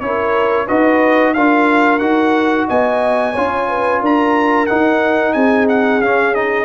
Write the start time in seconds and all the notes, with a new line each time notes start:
0.00 C#4 E4 A#4 C#5
0.67 D#4 F#4 B4 D#5
1.33 D4 F4 A#4 F5
1.99 D#4 F#4 F#5
2.67 B3 D#5 G#5
3.33 C#4 F4 C#5
3.68 B4
4.01 D4 A#4 A#5
4.66 D#4 F#5
5.33 C4 G#4 G#5
5.68 F#5
6.01 C#4 F5
6.34 D#4 D#5